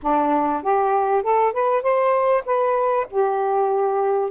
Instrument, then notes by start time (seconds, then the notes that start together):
saxophone
0.02 D4
0.62 G4
1.22 A4
1.53 B4
1.82 C5
2.45 B4
3.10 G4